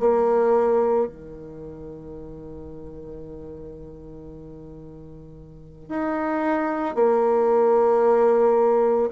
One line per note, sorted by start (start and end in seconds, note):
0.00 1.07 A#3
1.07 5.89 D#3
5.89 6.95 D#4
6.95 9.10 A#3